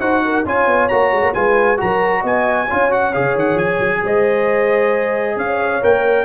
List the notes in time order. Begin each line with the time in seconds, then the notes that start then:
0.00 D#4 F#4 C5 F#5
0.25 A#4
0.46 C#4 F4 C#5 G#5
0.67 B3
0.89 A#3 F#4 A#5
1.13 G#3
1.23 A#3
1.34 G#3 F4 B4 G#5
1.78 F#3 F#4 A#4 A#5
2.21 B3 D#5 G#5
2.67 C#4 F4 C#5
2.90 F#4 F#5
3.14 C#3 G#4 F5
3.35 D#3 F#5
3.55 F3 G#5
3.80 F#3
4.04 G#3 C5 D#5
5.37 C#4 C#5 F5
5.82 A#3 A#4 G5